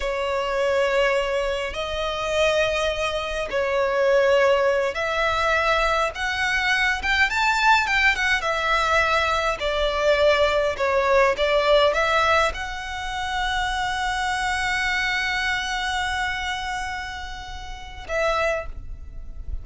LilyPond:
\new Staff \with { instrumentName = "violin" } { \time 4/4 \tempo 4 = 103 cis''2. dis''4~ | dis''2 cis''2~ | cis''8 e''2 fis''4. | g''8 a''4 g''8 fis''8 e''4.~ |
e''8 d''2 cis''4 d''8~ | d''8 e''4 fis''2~ fis''8~ | fis''1~ | fis''2. e''4 | }